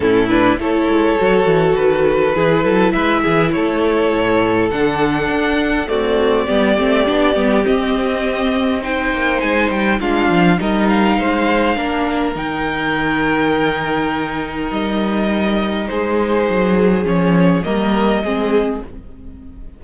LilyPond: <<
  \new Staff \with { instrumentName = "violin" } { \time 4/4 \tempo 4 = 102 a'8 b'8 cis''2 b'4~ | b'4 e''4 cis''2 | fis''2 d''2~ | d''4 dis''2 g''4 |
gis''8 g''8 f''4 dis''8 f''4.~ | f''4 g''2.~ | g''4 dis''2 c''4~ | c''4 cis''4 dis''2 | }
  \new Staff \with { instrumentName = "violin" } { \time 4/4 e'4 a'2. | gis'8 a'8 b'8 gis'8 a'2~ | a'2 fis'4 g'4~ | g'2. c''4~ |
c''4 f'4 ais'4 c''4 | ais'1~ | ais'2. gis'4~ | gis'2 ais'4 gis'4 | }
  \new Staff \with { instrumentName = "viola" } { \time 4/4 cis'8 d'8 e'4 fis'2 | e'1 | d'2 a4 b8 c'8 | d'8 b8 c'2 dis'4~ |
dis'4 d'4 dis'2 | d'4 dis'2.~ | dis'1~ | dis'4 cis'4 ais4 c'4 | }
  \new Staff \with { instrumentName = "cello" } { \time 4/4 a,4 a8 gis8 fis8 e8 dis4 | e8 fis8 gis8 e8 a4 a,4 | d4 d'4 c'4 g8 a8 | b8 g8 c'2~ c'8 ais8 |
gis8 g8 gis8 f8 g4 gis4 | ais4 dis2.~ | dis4 g2 gis4 | fis4 f4 g4 gis4 | }
>>